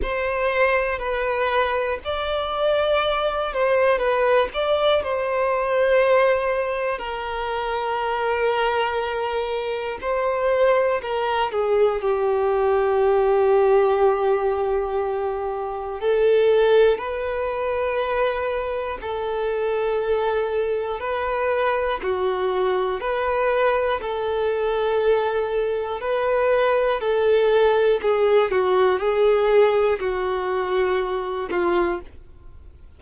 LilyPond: \new Staff \with { instrumentName = "violin" } { \time 4/4 \tempo 4 = 60 c''4 b'4 d''4. c''8 | b'8 d''8 c''2 ais'4~ | ais'2 c''4 ais'8 gis'8 | g'1 |
a'4 b'2 a'4~ | a'4 b'4 fis'4 b'4 | a'2 b'4 a'4 | gis'8 fis'8 gis'4 fis'4. f'8 | }